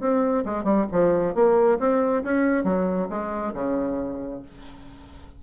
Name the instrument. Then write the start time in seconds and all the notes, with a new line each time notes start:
bassoon
0.00 C4
0.45 G#3
0.64 G3
0.91 F3
1.35 A#3
1.79 C4
2.24 C#4
2.64 F#3
3.09 G#3
3.54 C#3